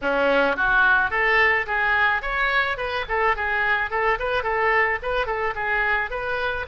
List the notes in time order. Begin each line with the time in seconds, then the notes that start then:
0.01 C#4
0.56 F#4
1.10 A4
1.66 G#4
2.22 C#5
2.77 B4
3.08 A4
3.35 G#4
3.90 A4
4.19 B4
4.43 A4
5.02 B4
5.26 A4
5.55 G#4
6.10 B4